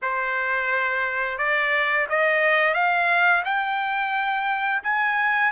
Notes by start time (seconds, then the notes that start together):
0.02 C5
1.38 D5
2.09 D#5
2.74 F5
3.44 G5
4.83 G#5